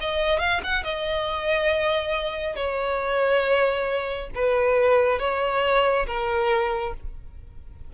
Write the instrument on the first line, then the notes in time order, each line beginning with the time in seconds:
violin
0.00 D#5
0.39 F5
0.63 F#5
0.83 D#5
2.55 C#5
4.35 B4
5.19 C#5
6.07 A#4